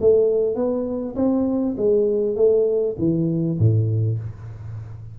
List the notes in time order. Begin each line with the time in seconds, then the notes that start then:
0.00 A3
0.55 B3
1.15 C4
1.77 G#3
2.36 A3
2.98 E3
3.58 A2